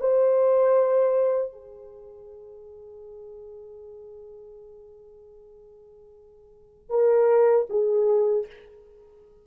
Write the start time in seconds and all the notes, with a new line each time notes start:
0.00 C5
1.52 G#4
6.90 A#4
7.70 G#4